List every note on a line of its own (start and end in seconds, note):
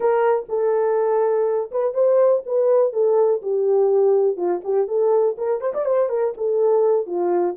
0.00 0.46 A#4
0.48 1.70 A4
1.71 1.94 B4
1.94 2.42 C5
2.45 2.93 B4
2.93 3.41 A4
3.41 4.36 G4
4.36 4.61 F4
4.63 4.87 G4
4.87 5.36 A4
5.37 5.61 A#4
5.61 5.73 C5
5.74 5.85 D5
5.85 6.09 C5
6.09 6.33 A#4
6.37 7.06 A4
7.06 7.55 F4